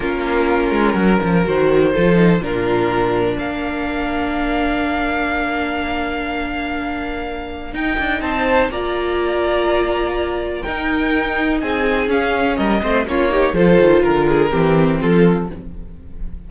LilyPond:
<<
  \new Staff \with { instrumentName = "violin" } { \time 4/4 \tempo 4 = 124 ais'2. c''4~ | c''4 ais'2 f''4~ | f''1~ | f''1 |
g''4 a''4 ais''2~ | ais''2 g''2 | gis''4 f''4 dis''4 cis''4 | c''4 ais'2 a'4 | }
  \new Staff \with { instrumentName = "violin" } { \time 4/4 f'2 ais'2 | a'4 f'2 ais'4~ | ais'1~ | ais'1~ |
ais'4 c''4 d''2~ | d''2 ais'2 | gis'2 ais'8 c''8 f'8 g'8 | a'4 ais'8 gis'8 g'4 f'4 | }
  \new Staff \with { instrumentName = "viola" } { \time 4/4 cis'2. fis'4 | f'8 dis'8 d'2.~ | d'1~ | d'1 |
dis'2 f'2~ | f'2 dis'2~ | dis'4 cis'4. c'8 cis'8 dis'8 | f'2 c'2 | }
  \new Staff \with { instrumentName = "cello" } { \time 4/4 ais4. gis8 fis8 f8 dis4 | f4 ais,2 ais4~ | ais1~ | ais1 |
dis'8 d'8 c'4 ais2~ | ais2 dis'2 | c'4 cis'4 g8 a8 ais4 | f8 dis8 d4 e4 f4 | }
>>